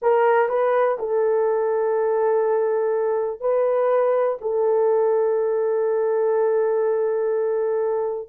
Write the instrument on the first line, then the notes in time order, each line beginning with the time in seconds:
horn
0.02 A#4
0.48 B4
0.98 A4
3.40 B4
4.41 A4